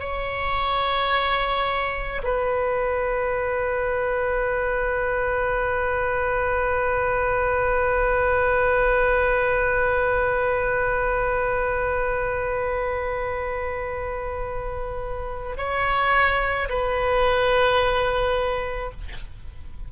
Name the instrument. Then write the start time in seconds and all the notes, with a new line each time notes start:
oboe
0.00 C#5
2.24 B4
15.58 C#5
16.70 B4